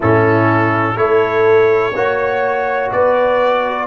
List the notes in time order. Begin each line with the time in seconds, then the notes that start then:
0.00 A2 C#4 E4 A4
0.96 A3 E4 A4 C#5
1.94 A#3 F#4 C#5
2.91 B3 B4 D5